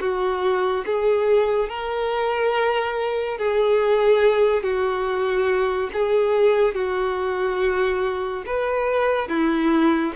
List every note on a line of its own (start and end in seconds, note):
0.00 0.85 F#4
0.86 1.69 G#4
1.69 3.38 A#4
3.38 4.63 G#4
4.63 5.90 F#4
5.93 6.75 G#4
6.75 8.44 F#4
8.46 9.29 B4
9.29 10.13 E4